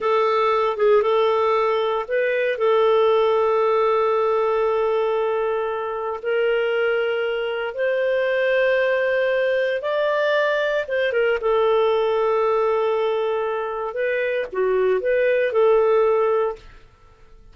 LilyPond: \new Staff \with { instrumentName = "clarinet" } { \time 4/4 \tempo 4 = 116 a'4. gis'8 a'2 | b'4 a'2.~ | a'1 | ais'2. c''4~ |
c''2. d''4~ | d''4 c''8 ais'8 a'2~ | a'2. b'4 | fis'4 b'4 a'2 | }